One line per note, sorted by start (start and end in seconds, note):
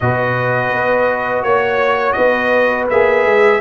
0.00 0.73 B2
0.00 2.90 F#4
0.00 1.44 B4
0.00 1.43 D#5
0.73 1.43 B3
1.43 2.16 A#3
1.43 2.12 C#5
1.43 2.16 C#5
2.12 2.89 B3
2.12 3.60 B4
2.12 2.84 D#5
2.90 3.25 A#3
2.90 3.60 G#4
2.90 3.60 E5
3.25 3.60 G#3